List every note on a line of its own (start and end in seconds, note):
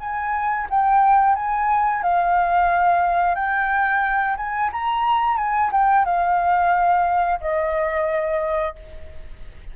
0.00 0.67 G#5
0.70 1.35 G5
1.35 2.02 G#5
2.02 3.35 F5
3.35 4.36 G5
4.37 4.70 G#5
4.72 5.37 A#5
5.37 5.71 G#5
5.72 6.05 G5
6.05 7.40 F5
7.40 8.75 D#5